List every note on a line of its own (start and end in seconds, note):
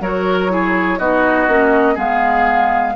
0.00 0.98 F#3
0.00 0.49 F#4
0.00 0.51 A#4
0.00 0.99 C#5
0.49 0.98 E4
0.49 0.99 G#4
0.98 1.47 B3
0.98 1.48 D#4
0.98 1.94 F#4
0.98 1.97 D#5
1.47 1.96 A#3
1.47 1.95 C#4
1.94 2.94 G#3
1.94 2.93 B3
1.94 2.93 G#4
1.94 2.95 F5